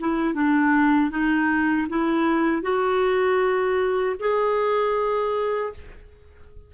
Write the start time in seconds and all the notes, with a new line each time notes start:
0.00 E4
0.34 D4
1.10 D#4
1.89 E4
2.63 F#4
4.20 G#4